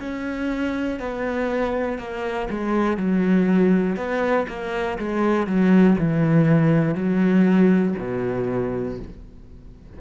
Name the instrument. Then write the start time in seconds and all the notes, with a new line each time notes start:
cello
0.00 C#4
1.00 B3
1.99 A#3
2.50 G#3
2.98 F#3
3.96 B3
4.49 A#3
4.99 G#3
5.47 F#3
5.99 E3
6.95 F#3
7.99 B2